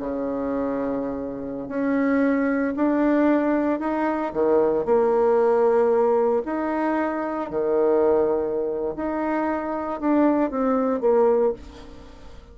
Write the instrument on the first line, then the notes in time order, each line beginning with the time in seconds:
bassoon
0.00 C#3
1.69 C#4
2.76 D4
3.80 D#4
4.33 D#3
4.85 A#3
6.45 D#4
7.50 D#3
8.96 D#4
10.01 D4
10.50 C4
11.01 A#3